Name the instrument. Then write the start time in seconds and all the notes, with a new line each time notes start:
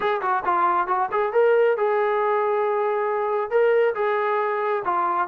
trombone
0.00 G#4
0.21 F#4
0.44 F4
0.87 F#4
1.11 G#4
1.33 A#4
1.77 G#4
3.50 A#4
3.95 G#4
4.84 F4